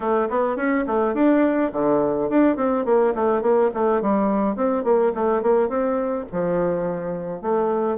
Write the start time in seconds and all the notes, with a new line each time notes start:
0.00 A3
0.29 B3
0.56 C#4
0.86 A3
1.14 D4
1.72 D3
2.29 D4
2.56 C4
2.85 A#3
3.15 A3
3.41 A#3
3.74 A3
4.01 G3
4.56 C4
4.83 A#3
5.14 A3
5.42 A#3
5.68 C4
6.31 F3
7.41 A3